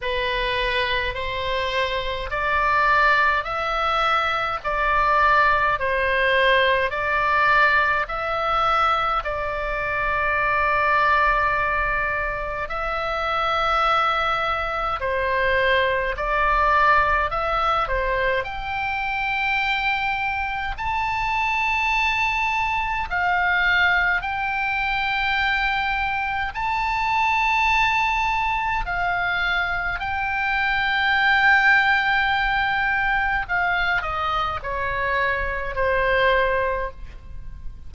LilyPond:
\new Staff \with { instrumentName = "oboe" } { \time 4/4 \tempo 4 = 52 b'4 c''4 d''4 e''4 | d''4 c''4 d''4 e''4 | d''2. e''4~ | e''4 c''4 d''4 e''8 c''8 |
g''2 a''2 | f''4 g''2 a''4~ | a''4 f''4 g''2~ | g''4 f''8 dis''8 cis''4 c''4 | }